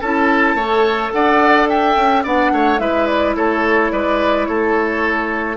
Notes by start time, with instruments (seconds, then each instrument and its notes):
0.00 bassoon C#4, clarinet E4, oboe A4, flute A5
0.55 bassoon A3, clarinet A4, oboe C#5
1.12 bassoon D4, oboe D5, flute F#5
1.69 oboe E5, flute G5
1.96 bassoon C#4
2.23 bassoon B3, clarinet D4, oboe D5, flute F#5
2.52 bassoon A3, oboe C#5
2.78 bassoon G#3, clarinet E4, oboe B4, flute E5
3.07 flute D5
3.35 bassoon A3, oboe A4, flute C#5
3.92 bassoon G#3, oboe B4, flute D5
4.45 bassoon A3, oboe A4, flute C#5